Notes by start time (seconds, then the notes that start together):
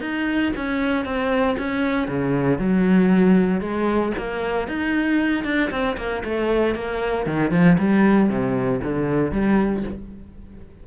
0.00 D#4
0.56 C#4
1.05 C4
1.58 C#4
2.07 C#3
2.58 F#3
3.60 G#3
4.18 A#3
4.67 D#4
5.44 D4
5.70 C4
5.97 A#3
6.24 A3
6.75 A#3
7.26 D#3
7.51 F3
7.78 G3
8.29 C3
8.82 D3
9.31 G3